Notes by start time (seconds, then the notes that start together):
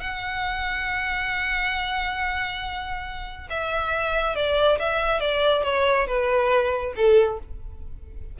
0.00 F#5
3.50 E5
4.35 D5
4.79 E5
5.20 D5
5.63 C#5
6.07 B4
6.96 A4